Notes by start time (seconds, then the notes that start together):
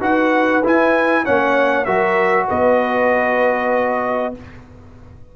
0.00 D#4 F#4 B4 F#5
0.64 E4 G#5
1.24 A#3 C#4 C#5 F#5
1.85 F#3 F#4 A#4 E5
2.48 B3 B4 D#5